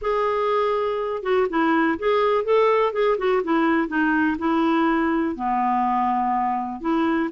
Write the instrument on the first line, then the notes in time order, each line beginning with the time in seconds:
clarinet
0.01 G#4
1.22 F#4
1.49 E4
1.98 G#4
2.44 A4
2.93 G#4
3.18 F#4
3.43 E4
3.88 D#4
4.38 E4
5.35 B3
6.80 E4